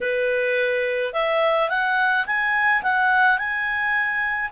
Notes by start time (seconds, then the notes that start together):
0.01 B4
1.13 E5
1.69 F#5
2.26 G#5
2.82 F#5
3.38 G#5